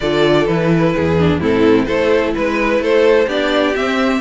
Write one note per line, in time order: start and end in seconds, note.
0.00 0.47 D3
0.00 0.48 F4
0.00 0.94 A4
0.00 0.46 D5
0.46 0.94 E3
0.46 1.18 E4
0.46 1.40 B4
0.94 1.41 E2
0.94 1.40 G#4
1.18 1.40 D4
1.40 1.88 A2
1.40 1.86 C4
1.40 1.86 E4
1.40 1.84 A4
1.84 2.35 A3
1.84 3.27 E4
1.84 2.33 A4
1.84 2.31 C5
2.35 2.79 G#3
2.35 2.81 B4
2.35 2.83 B4
2.79 3.26 A3
2.79 3.27 A4
2.79 3.29 C5
3.27 3.74 B3
3.27 3.74 D4
3.27 4.20 G4
3.27 3.75 D5
3.75 4.20 C4
3.75 4.20 E5